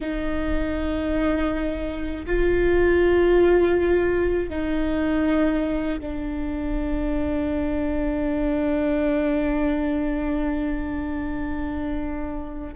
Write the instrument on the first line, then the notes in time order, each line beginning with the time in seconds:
viola
0.00 D#4
2.26 F4
4.49 D#4
6.00 D4